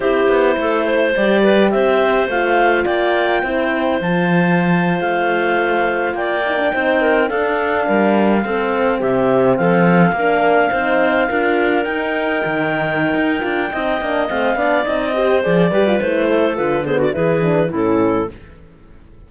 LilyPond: <<
  \new Staff \with { instrumentName = "clarinet" } { \time 4/4 \tempo 4 = 105 c''2 d''4 e''4 | f''4 g''2 a''4~ | a''8. f''2 g''4~ g''16~ | g''8. f''2. e''16~ |
e''8. f''2.~ f''16~ | f''8. g''2.~ g''16~ | g''4 f''4 dis''4 d''4 | c''4 b'8 c''16 d''16 b'4 a'4 | }
  \new Staff \with { instrumentName = "clarinet" } { \time 4/4 g'4 a'8 c''4 b'8 c''4~ | c''4 d''4 c''2~ | c''2~ c''8. d''4 c''16~ | c''16 ais'8 a'4 ais'4 a'4 g'16~ |
g'8. a'4 ais'4 c''4 ais'16~ | ais'1 | dis''4. d''4 c''4 b'8~ | b'8 a'4 gis'16 fis'16 gis'4 e'4 | }
  \new Staff \with { instrumentName = "horn" } { \time 4/4 e'2 g'2 | f'2 e'4 f'4~ | f'2.~ f'16 dis'16 d'16 dis'16~ | dis'8. d'2 c'4~ c'16~ |
c'4.~ c'16 d'4 dis'4 f'16~ | f'8. dis'2~ dis'8. f'8 | dis'8 d'8 c'8 d'8 dis'8 g'8 gis'8 g'16 f'16 | e'4 f'8 b8 e'8 d'8 cis'4 | }
  \new Staff \with { instrumentName = "cello" } { \time 4/4 c'8 b8 a4 g4 c'4 | a4 ais4 c'4 f4~ | f8. a2 ais4 c'16~ | c'8. d'4 g4 c'4 c16~ |
c8. f4 ais4 c'4 d'16~ | d'8. dis'4 dis4~ dis16 dis'8 d'8 | c'8 ais8 a8 b8 c'4 f8 g8 | a4 d4 e4 a,4 | }
>>